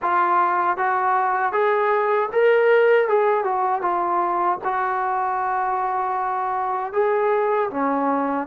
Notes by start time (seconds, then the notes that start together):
0.01 F4
0.77 F#4
1.52 G#4
2.32 A#4
3.08 G#4
3.44 F#4
3.81 F4
4.64 F#4
6.92 G#4
7.70 C#4